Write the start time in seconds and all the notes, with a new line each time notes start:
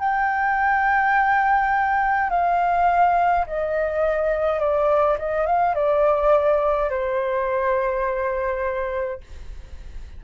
0.00 G5
2.30 F5
3.47 D#5
4.60 D5
5.19 D#5
5.47 F5
5.75 D5
6.90 C5